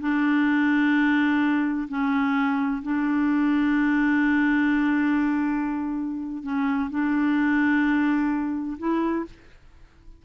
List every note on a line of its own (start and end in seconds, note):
0.00 1.87 D4
1.88 2.82 C#4
2.82 6.43 D4
6.43 6.89 C#4
6.90 8.77 D4
8.78 9.25 E4